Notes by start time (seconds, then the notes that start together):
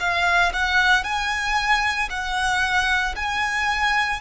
0.00 F5
0.53 F#5
1.04 G#5
2.10 F#5
3.16 G#5